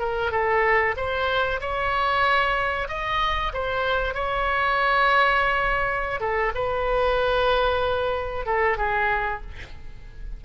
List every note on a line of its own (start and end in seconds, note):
0.00 0.32 A#4
0.32 0.95 A4
0.97 1.61 C5
1.61 2.88 C#5
2.89 3.53 D#5
3.54 4.15 C5
4.15 6.21 C#5
6.21 6.53 A4
6.55 8.46 B4
8.46 8.78 A4
8.78 9.42 G#4